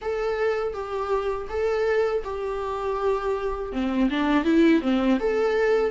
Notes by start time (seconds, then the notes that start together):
0.01 A4
0.73 G4
1.49 A4
2.24 G4
3.72 C4
4.09 D4
4.44 E4
4.81 C4
5.19 A4